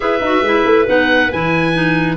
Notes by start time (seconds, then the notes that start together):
0.00 E4 G#4 B4 E5
0.20 D#4 F#4
0.41 G#3 E4
0.65 A3
0.86 B3 D#4 F#5
1.32 E3 E4 G#5
1.73 D#4